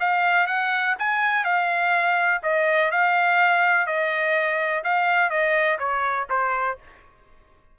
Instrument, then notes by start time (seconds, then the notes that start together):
trumpet
0.00 F5
0.47 F#5
0.99 G#5
1.44 F5
2.43 D#5
2.91 F5
3.86 D#5
4.84 F5
5.30 D#5
5.79 C#5
6.30 C5